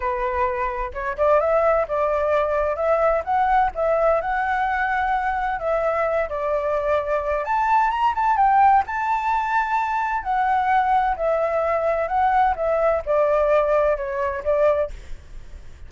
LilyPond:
\new Staff \with { instrumentName = "flute" } { \time 4/4 \tempo 4 = 129 b'2 cis''8 d''8 e''4 | d''2 e''4 fis''4 | e''4 fis''2. | e''4. d''2~ d''8 |
a''4 ais''8 a''8 g''4 a''4~ | a''2 fis''2 | e''2 fis''4 e''4 | d''2 cis''4 d''4 | }